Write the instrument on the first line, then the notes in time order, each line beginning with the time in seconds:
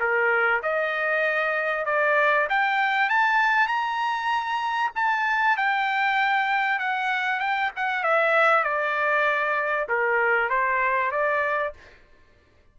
trumpet
0.00 A#4
0.63 D#5
1.86 D5
2.50 G5
3.10 A5
3.68 A#5
4.96 A5
5.58 G5
6.79 F#5
7.41 G5
7.77 F#5
8.04 E5
8.64 D5
9.89 A#4
10.50 C5
11.12 D5